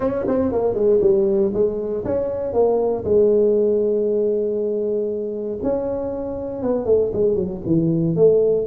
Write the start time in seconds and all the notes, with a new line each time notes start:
0.00 C#4
0.27 C4
0.52 A#3
0.74 G#3
1.01 G3
1.53 G#3
2.04 C#4
2.53 A#3
3.04 G#3
5.63 C#4
6.62 B3
6.85 A3
7.13 G#3
7.35 F#3
7.65 E3
8.15 A3